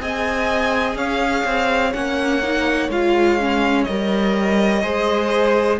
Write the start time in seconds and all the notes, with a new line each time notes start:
0.00 C4 G#4 D#5 G#5
0.95 C#4 C#5 F5
1.45 C4
1.93 A#3 C#4 F#5
2.43 D#4
2.89 G#3 F4 F5
3.40 C#4
3.84 G3 A#4 D#5
4.82 G#3 G#4 C5